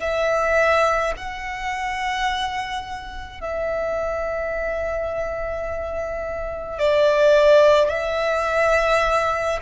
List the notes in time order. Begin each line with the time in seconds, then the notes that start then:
0.00 E5
1.17 F#5
3.41 E5
6.79 D5
7.89 E5